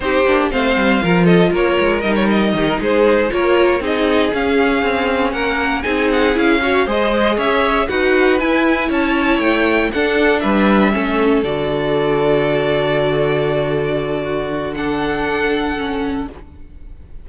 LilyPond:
<<
  \new Staff \with { instrumentName = "violin" } { \time 4/4 \tempo 4 = 118 c''4 f''4. dis''8 cis''4 | dis''16 cis''16 dis''4 c''4 cis''4 dis''8~ | dis''8 f''2 fis''4 gis''8 | fis''8 f''4 dis''4 e''4 fis''8~ |
fis''8 gis''4 a''4 g''4 fis''8~ | fis''8 e''2 d''4.~ | d''1~ | d''4 fis''2. | }
  \new Staff \with { instrumentName = "violin" } { \time 4/4 g'4 c''4 ais'8 a'8 ais'4~ | ais'4 g'16 ais'16 gis'4 ais'4 gis'8~ | gis'2~ gis'8 ais'4 gis'8~ | gis'4 cis''8 c''4 cis''4 b'8~ |
b'4. cis''2 a'8~ | a'8 b'4 a'2~ a'8~ | a'1 | fis'4 a'2. | }
  \new Staff \with { instrumentName = "viola" } { \time 4/4 dis'8 d'8 c'4 f'2 | dis'2~ dis'8 f'4 dis'8~ | dis'8 cis'2. dis'8~ | dis'8 e'8 fis'8 gis'2 fis'8~ |
fis'8 e'2. d'8~ | d'4. cis'4 fis'4.~ | fis'1~ | fis'4 d'2 cis'4 | }
  \new Staff \with { instrumentName = "cello" } { \time 4/4 c'8 ais8 a8 g8 f4 ais8 gis8 | g4 dis8 gis4 ais4 c'8~ | c'8 cis'4 c'4 ais4 c'8~ | c'8 cis'4 gis4 cis'4 dis'8~ |
dis'8 e'4 cis'4 a4 d'8~ | d'8 g4 a4 d4.~ | d1~ | d1 | }
>>